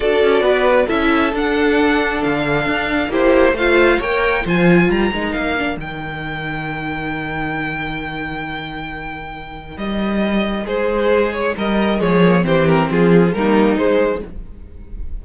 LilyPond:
<<
  \new Staff \with { instrumentName = "violin" } { \time 4/4 \tempo 4 = 135 d''2 e''4 fis''4~ | fis''4 f''2 c''4 | f''4 g''4 gis''4 ais''4 | f''4 g''2.~ |
g''1~ | g''2 dis''2 | c''4. cis''8 dis''4 cis''4 | c''8 ais'8 gis'4 ais'4 c''4 | }
  \new Staff \with { instrumentName = "violin" } { \time 4/4 a'4 b'4 a'2~ | a'2. g'4 | c''4 cis''4 c''4 ais'4~ | ais'1~ |
ais'1~ | ais'1 | gis'2 ais'4 gis'4 | g'4 f'4 dis'2 | }
  \new Staff \with { instrumentName = "viola" } { \time 4/4 fis'2 e'4 d'4~ | d'2. e'4 | f'4 ais'4 f'4. dis'8~ | dis'8 d'8 dis'2.~ |
dis'1~ | dis'1~ | dis'2. gis8 ais8 | c'2 ais4 gis4 | }
  \new Staff \with { instrumentName = "cello" } { \time 4/4 d'8 cis'8 b4 cis'4 d'4~ | d'4 d4 d'4 ais4 | a4 ais4 f4 g8 gis8 | ais4 dis2.~ |
dis1~ | dis2 g2 | gis2 g4 f4 | e4 f4 g4 gis4 | }
>>